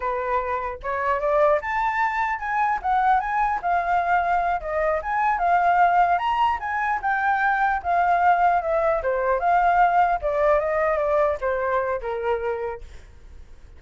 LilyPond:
\new Staff \with { instrumentName = "flute" } { \time 4/4 \tempo 4 = 150 b'2 cis''4 d''4 | a''2 gis''4 fis''4 | gis''4 f''2~ f''8 dis''8~ | dis''8 gis''4 f''2 ais''8~ |
ais''8 gis''4 g''2 f''8~ | f''4. e''4 c''4 f''8~ | f''4. d''4 dis''4 d''8~ | d''8 c''4. ais'2 | }